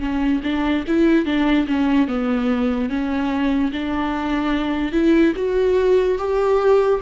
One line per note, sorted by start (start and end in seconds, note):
0.00 0.41 C#4
0.44 0.85 D4
0.87 1.26 E4
1.26 1.67 D4
1.68 2.08 C#4
2.08 2.90 B3
2.90 3.72 C#4
3.72 4.92 D4
4.92 5.33 E4
5.36 6.18 F#4
6.18 7.00 G4